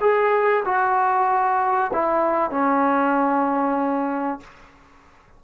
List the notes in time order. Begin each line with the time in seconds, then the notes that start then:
0.00 G#4
0.65 F#4
1.93 E4
2.50 C#4